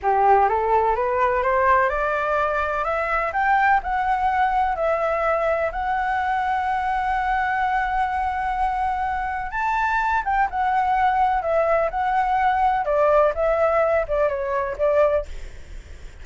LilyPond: \new Staff \with { instrumentName = "flute" } { \time 4/4 \tempo 4 = 126 g'4 a'4 b'4 c''4 | d''2 e''4 g''4 | fis''2 e''2 | fis''1~ |
fis''1 | a''4. g''8 fis''2 | e''4 fis''2 d''4 | e''4. d''8 cis''4 d''4 | }